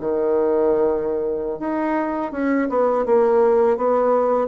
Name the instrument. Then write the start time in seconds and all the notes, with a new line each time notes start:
bassoon
0.00 D#3
1.59 D#4
2.32 C#4
2.69 B3
3.06 A#3
3.77 B3